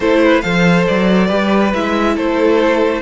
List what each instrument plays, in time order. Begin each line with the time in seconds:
0.00 cello A3, viola E4, violin A4 C5
0.24 violin B4
0.41 cello F3, viola A4, violin C5 F5
0.86 cello F#3, violin D5
1.26 cello G3, viola G4, violin B4
1.73 cello G#3, viola E4, violin E5
2.15 cello A3, violin A4 C5